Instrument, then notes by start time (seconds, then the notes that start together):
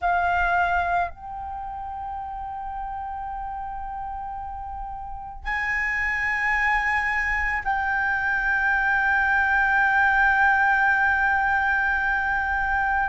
flute
0.00 F5
1.10 G5
5.44 G#5
7.64 G5